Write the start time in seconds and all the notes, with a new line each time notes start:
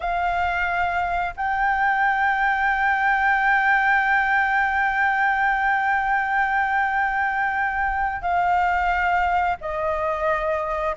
0.00 F5
1.36 G5
8.22 F5
9.60 D#5